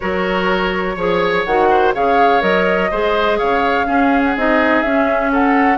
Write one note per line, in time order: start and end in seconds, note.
0.00 0.96 F#3
0.00 0.97 F#4
0.00 0.95 A#4
0.00 1.42 C#5
0.95 1.44 F3
0.95 1.46 G#4
0.95 1.68 C#5
1.44 1.94 D#3
1.44 1.94 F#4
1.44 1.93 F#5
1.70 1.94 C5
1.94 2.42 C#3
1.94 2.41 G#4
1.94 2.90 C#5
1.94 2.41 F5
2.41 2.90 F#3
2.41 2.89 A#4
2.41 3.38 D#5
2.90 3.40 G#3
2.90 3.85 G#4
2.90 3.38 C5
3.38 3.88 C#3
3.38 3.86 C#5
3.38 4.23 F5
3.85 4.33 C#4
3.85 4.36 C#4
3.85 5.31 G#4
4.24 4.36 F#5
4.36 4.83 C4
4.36 4.85 D#4
4.36 4.82 D#5
4.82 5.77 C#4
4.82 5.30 E5
5.32 5.77 A4
5.32 5.77 F#5